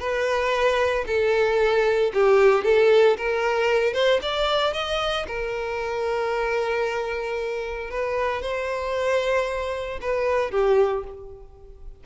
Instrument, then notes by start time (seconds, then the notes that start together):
violin
0.00 B4
1.07 A4
2.14 G4
2.64 A4
3.18 A#4
3.94 C5
4.22 D5
4.74 D#5
5.28 A#4
7.91 B4
8.42 C5
10.01 B4
10.52 G4